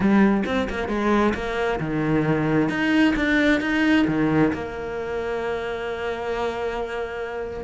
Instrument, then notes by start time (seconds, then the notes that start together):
cello
0.00 G3
0.46 C4
0.69 A#3
0.88 G#3
1.34 A#3
1.80 D#3
2.69 D#4
3.16 D4
3.60 D#4
4.07 D#3
4.53 A#3